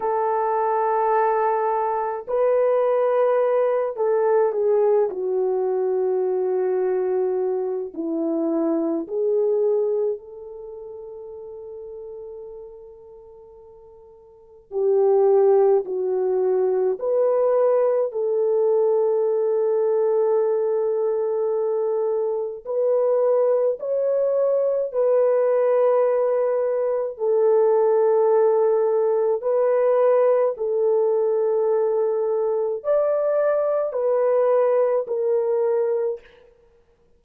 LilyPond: \new Staff \with { instrumentName = "horn" } { \time 4/4 \tempo 4 = 53 a'2 b'4. a'8 | gis'8 fis'2~ fis'8 e'4 | gis'4 a'2.~ | a'4 g'4 fis'4 b'4 |
a'1 | b'4 cis''4 b'2 | a'2 b'4 a'4~ | a'4 d''4 b'4 ais'4 | }